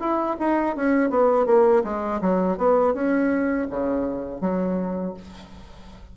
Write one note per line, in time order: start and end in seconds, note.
0.00 0.37 E4
0.39 0.76 D#4
0.76 1.10 C#4
1.10 1.46 B3
1.46 1.83 A#3
1.84 2.21 G#3
2.21 2.58 F#3
2.58 2.94 B3
2.94 3.68 C#4
3.70 4.41 C#3
4.41 5.14 F#3